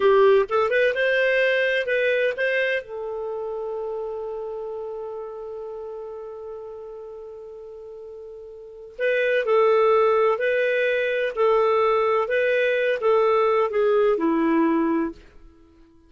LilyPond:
\new Staff \with { instrumentName = "clarinet" } { \time 4/4 \tempo 4 = 127 g'4 a'8 b'8 c''2 | b'4 c''4 a'2~ | a'1~ | a'1~ |
a'2. b'4 | a'2 b'2 | a'2 b'4. a'8~ | a'4 gis'4 e'2 | }